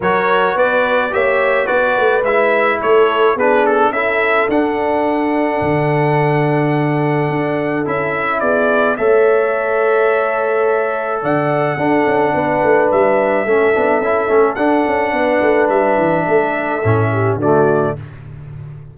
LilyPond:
<<
  \new Staff \with { instrumentName = "trumpet" } { \time 4/4 \tempo 4 = 107 cis''4 d''4 e''4 d''4 | e''4 cis''4 b'8 a'8 e''4 | fis''1~ | fis''2 e''4 d''4 |
e''1 | fis''2. e''4~ | e''2 fis''2 | e''2. d''4 | }
  \new Staff \with { instrumentName = "horn" } { \time 4/4 ais'4 b'4 cis''4 b'4~ | b'4 a'4 gis'4 a'4~ | a'1~ | a'2. gis'4 |
cis''1 | d''4 a'4 b'2 | a'2. b'4~ | b'4 a'4. g'8 fis'4 | }
  \new Staff \with { instrumentName = "trombone" } { \time 4/4 fis'2 g'4 fis'4 | e'2 d'4 e'4 | d'1~ | d'2 e'2 |
a'1~ | a'4 d'2. | cis'8 d'8 e'8 cis'8 d'2~ | d'2 cis'4 a4 | }
  \new Staff \with { instrumentName = "tuba" } { \time 4/4 fis4 b4 ais4 b8 a8 | gis4 a4 b4 cis'4 | d'2 d2~ | d4 d'4 cis'4 b4 |
a1 | d4 d'8 cis'8 b8 a8 g4 | a8 b8 cis'8 a8 d'8 cis'8 b8 a8 | g8 e8 a4 a,4 d4 | }
>>